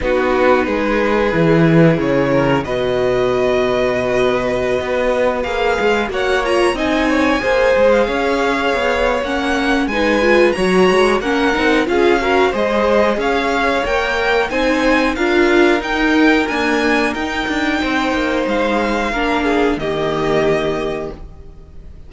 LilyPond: <<
  \new Staff \with { instrumentName = "violin" } { \time 4/4 \tempo 4 = 91 b'2. cis''4 | dis''1~ | dis''16 f''4 fis''8 ais''8 gis''4.~ gis''16 | f''2 fis''4 gis''4 |
ais''4 fis''4 f''4 dis''4 | f''4 g''4 gis''4 f''4 | g''4 gis''4 g''2 | f''2 dis''2 | }
  \new Staff \with { instrumentName = "violin" } { \time 4/4 fis'4 gis'2~ gis'8 ais'8 | b'1~ | b'4~ b'16 cis''4 dis''8 cis''8 c''8.~ | c''16 cis''2~ cis''8. b'4 |
cis''4 ais'4 gis'8 ais'8 c''4 | cis''2 c''4 ais'4~ | ais'2. c''4~ | c''4 ais'8 gis'8 g'2 | }
  \new Staff \with { instrumentName = "viola" } { \time 4/4 dis'2 e'2 | fis'1~ | fis'16 gis'4 fis'8 f'8 dis'4 gis'8.~ | gis'2 cis'4 dis'8 f'8 |
fis'4 cis'8 dis'8 f'8 fis'8 gis'4~ | gis'4 ais'4 dis'4 f'4 | dis'4 ais4 dis'2~ | dis'4 d'4 ais2 | }
  \new Staff \with { instrumentName = "cello" } { \time 4/4 b4 gis4 e4 cis4 | b,2.~ b,16 b8.~ | b16 ais8 gis8 ais4 c'4 ais8 gis16~ | gis16 cis'4 b8. ais4 gis4 |
fis8 gis8 ais8 c'8 cis'4 gis4 | cis'4 ais4 c'4 d'4 | dis'4 d'4 dis'8 d'8 c'8 ais8 | gis4 ais4 dis2 | }
>>